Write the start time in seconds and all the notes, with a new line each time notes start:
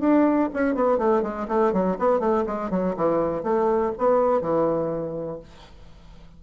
0.00 D4
0.53 C#4
0.75 B3
0.98 A3
1.23 G#3
1.48 A3
1.73 F#3
1.99 B3
2.20 A3
2.46 G#3
2.70 F#3
2.96 E3
3.43 A3
3.98 B3
4.41 E3